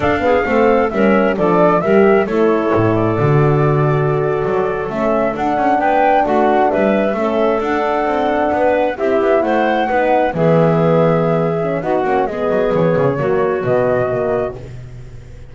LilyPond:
<<
  \new Staff \with { instrumentName = "flute" } { \time 4/4 \tempo 4 = 132 f''2 e''4 d''4 | e''4 cis''4. d''4.~ | d''2~ d''8. e''4 fis''16~ | fis''8. g''4 fis''4 e''4~ e''16~ |
e''8. fis''2. e''16~ | e''8. fis''2 e''4~ e''16~ | e''2 fis''4 dis''4 | cis''2 dis''2 | }
  \new Staff \with { instrumentName = "clarinet" } { \time 4/4 a'8 gis'8 a'4 ais'4 a'4 | ais'4 a'2.~ | a'1~ | a'8. b'4 fis'4 b'4 a'16~ |
a'2~ a'8. b'4 g'16~ | g'8. c''4 b'4 gis'4~ gis'16~ | gis'2 fis'4 gis'4~ | gis'4 fis'2. | }
  \new Staff \with { instrumentName = "horn" } { \time 4/4 d'8 b8 c'4 cis'4 d'4 | g'4 e'2 fis'4~ | fis'2~ fis'8. cis'4 d'16~ | d'2.~ d'8. cis'16~ |
cis'8. d'2. e'16~ | e'4.~ e'16 dis'4 b4~ b16~ | b4. cis'8 dis'8 cis'8 b4~ | b4 ais4 b4 ais4 | }
  \new Staff \with { instrumentName = "double bass" } { \time 4/4 d'4 a4 g4 f4 | g4 a4 a,4 d4~ | d4.~ d16 fis4 a4 d'16~ | d'16 cis'8 b4 a4 g4 a16~ |
a8. d'4 c'4 b4 c'16~ | c'16 b8 a4 b4 e4~ e16~ | e2 b8 ais8 gis8 fis8 | e8 cis8 fis4 b,2 | }
>>